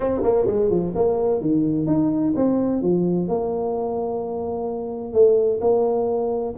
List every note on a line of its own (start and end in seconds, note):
0.00 0.21 C4
0.22 0.46 A#3
0.46 0.70 G#3
0.70 0.93 F3
0.95 1.40 A#3
1.40 1.86 D#3
1.86 2.33 D#4
2.36 2.81 C4
2.81 3.28 F3
3.28 5.13 A#3
5.13 5.60 A3
5.60 6.54 A#3